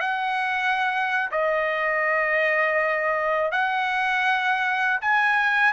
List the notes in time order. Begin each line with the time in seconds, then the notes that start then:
0.00 F#5
1.31 D#5
3.51 F#5
5.01 G#5